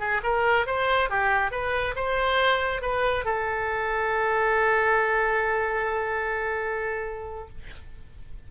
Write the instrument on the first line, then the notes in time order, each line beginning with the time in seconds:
oboe
0.00 G#4
0.24 A#4
0.67 C5
1.10 G4
1.52 B4
1.96 C5
2.82 B4
3.25 A4